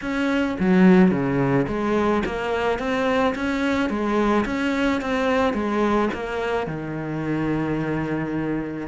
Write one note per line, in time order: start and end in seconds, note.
0.01 0.57 C#4
0.59 1.11 F#3
1.11 1.66 C#3
1.67 2.23 G#3
2.25 2.79 A#3
2.79 3.34 C4
3.35 3.89 C#4
3.89 4.44 G#3
4.45 5.01 C#4
5.01 5.53 C4
5.53 6.09 G#3
6.13 6.66 A#3
6.66 8.87 D#3